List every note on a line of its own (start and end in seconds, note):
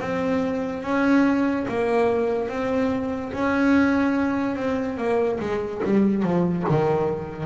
0.00 0.83 C4
0.83 1.66 C#4
1.68 2.48 A#3
2.48 3.32 C4
3.33 4.56 C#4
4.56 4.97 C4
4.97 5.39 A#3
5.39 5.81 G#3
5.84 6.22 G3
6.22 6.64 F3
6.69 7.46 D#3